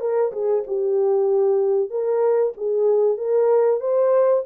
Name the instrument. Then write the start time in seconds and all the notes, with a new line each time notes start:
horn
0.00 A#4
0.32 G#4
0.67 G4
1.90 A#4
2.57 G#4
3.17 A#4
3.80 C5